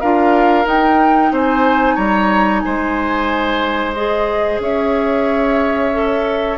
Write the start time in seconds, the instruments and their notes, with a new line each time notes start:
0.00 bassoon D4, clarinet F4, oboe A#4, flute F5
0.65 clarinet D#4, bassoon D#4, flute G5
1.31 bassoon C4, oboe C5, flute G#5
1.95 bassoon G3, oboe C#5, flute A#5
2.60 oboe C5, flute G#5
2.66 bassoon G#3
3.93 clarinet G#4, flute D#5
4.59 bassoon C#4, oboe C#5, flute E5
5.93 clarinet A4